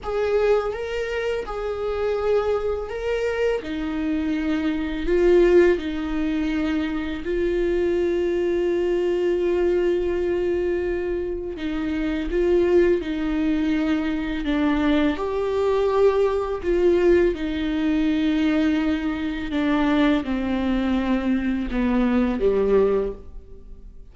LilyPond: \new Staff \with { instrumentName = "viola" } { \time 4/4 \tempo 4 = 83 gis'4 ais'4 gis'2 | ais'4 dis'2 f'4 | dis'2 f'2~ | f'1 |
dis'4 f'4 dis'2 | d'4 g'2 f'4 | dis'2. d'4 | c'2 b4 g4 | }